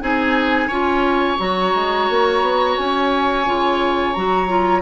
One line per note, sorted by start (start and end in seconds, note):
0.00 0.67 C4
0.00 0.69 D#4
0.00 0.68 G#4
0.00 1.38 G#5
0.67 1.36 C#4
0.67 1.37 F4
0.67 4.81 C#5
1.37 1.73 F#3
1.37 3.44 F#4
1.37 2.77 A#5
1.74 2.09 G#3
2.09 2.42 A#3
2.42 2.76 B3
2.77 3.47 C#4
2.77 4.13 G#5
3.45 4.16 C#3
3.45 4.14 F4
4.13 4.82 F#3
4.13 4.47 F#4
4.13 4.82 A#5
4.47 4.82 F4